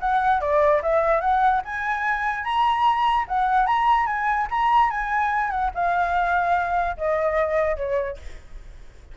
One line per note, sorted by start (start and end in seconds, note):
0.00 0.41 F#5
0.41 0.82 D5
0.82 1.21 E5
1.21 1.62 F#5
1.65 2.44 G#5
2.44 3.26 A#5
3.28 3.66 F#5
3.66 4.07 A#5
4.07 4.47 G#5
4.50 4.91 A#5
4.91 5.51 G#5
5.51 5.71 F#5
5.75 6.97 F5
6.97 7.76 D#5
7.76 8.17 C#5